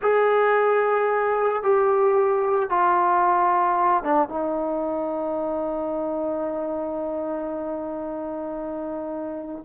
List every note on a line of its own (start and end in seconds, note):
0.02 1.62 G#4
1.62 2.69 G4
2.69 4.03 F4
4.03 4.29 D4
4.29 9.64 D#4